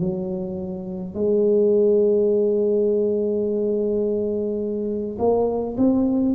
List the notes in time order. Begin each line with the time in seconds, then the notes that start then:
0.00 F#3
1.14 G#3
5.19 A#3
5.77 C4